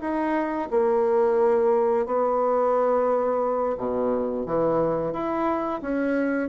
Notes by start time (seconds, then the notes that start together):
0.00 D#4
0.70 A#3
2.05 B3
3.77 B2
4.46 E3
5.12 E4
5.81 C#4